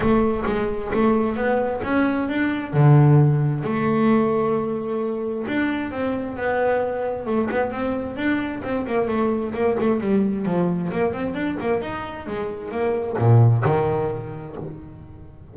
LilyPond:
\new Staff \with { instrumentName = "double bass" } { \time 4/4 \tempo 4 = 132 a4 gis4 a4 b4 | cis'4 d'4 d2 | a1 | d'4 c'4 b2 |
a8 b8 c'4 d'4 c'8 ais8 | a4 ais8 a8 g4 f4 | ais8 c'8 d'8 ais8 dis'4 gis4 | ais4 ais,4 dis2 | }